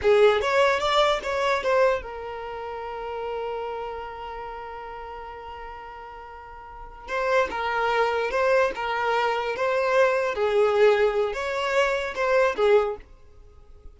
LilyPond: \new Staff \with { instrumentName = "violin" } { \time 4/4 \tempo 4 = 148 gis'4 cis''4 d''4 cis''4 | c''4 ais'2.~ | ais'1~ | ais'1~ |
ais'4. c''4 ais'4.~ | ais'8 c''4 ais'2 c''8~ | c''4. gis'2~ gis'8 | cis''2 c''4 gis'4 | }